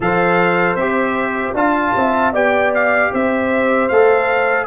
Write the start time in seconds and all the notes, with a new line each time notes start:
0.00 F3 A4 C5 F5
0.75 C4 G4 E5
1.53 D4 F4 F5 A5
1.95 C4 E5
2.33 B3 G4 D5 G5
2.74 F5
3.12 C4 C5 E5
3.88 A3 A4 F5